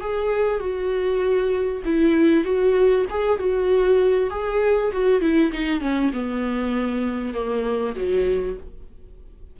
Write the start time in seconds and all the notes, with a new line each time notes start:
0.00 G#4
0.59 F#4
1.85 E4
2.44 F#4
3.10 G#4
3.38 F#4
4.30 G#4
4.92 F#4
5.21 E4
5.52 D#4
5.81 C#4
6.13 B3
7.34 A#3
7.95 F#3